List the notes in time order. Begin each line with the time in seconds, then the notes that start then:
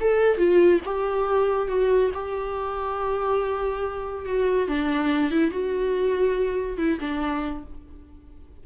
0.00 A4
0.37 F4
0.85 G4
1.68 F#4
2.14 G4
4.25 F#4
4.68 D4
5.31 E4
5.50 F#4
6.77 E4
7.00 D4